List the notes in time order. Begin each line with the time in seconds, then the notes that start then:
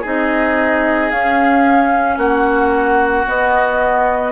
0.00 C4 D#4 G#4 D#5
1.10 C#4 F5
2.17 A#3 F#4 F#5
3.26 B3 D#5